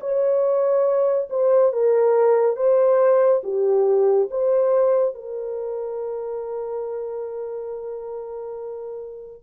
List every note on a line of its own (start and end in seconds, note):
0.00 1.29 C#5
1.30 1.73 C5
1.73 2.56 A#4
2.56 3.42 C5
3.43 4.29 G4
4.31 5.14 C5
5.14 9.43 A#4